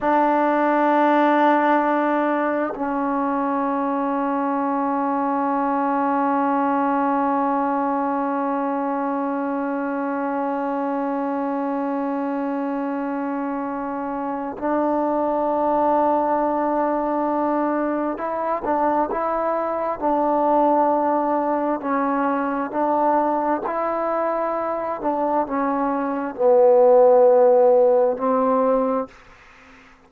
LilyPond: \new Staff \with { instrumentName = "trombone" } { \time 4/4 \tempo 4 = 66 d'2. cis'4~ | cis'1~ | cis'1~ | cis'1 |
d'1 | e'8 d'8 e'4 d'2 | cis'4 d'4 e'4. d'8 | cis'4 b2 c'4 | }